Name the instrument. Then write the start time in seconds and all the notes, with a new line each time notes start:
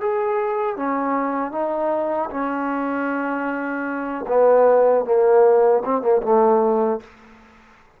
trombone
0.00 G#4
0.76 C#4
1.51 D#4
2.30 C#4
4.27 B3
5.05 A#3
5.84 C4
6.02 A#3
6.22 A3